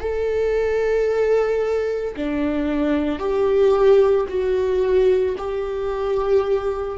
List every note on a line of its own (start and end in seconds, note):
0.00 2.14 A4
2.16 3.19 D4
3.19 4.26 G4
4.29 5.36 F#4
5.38 6.98 G4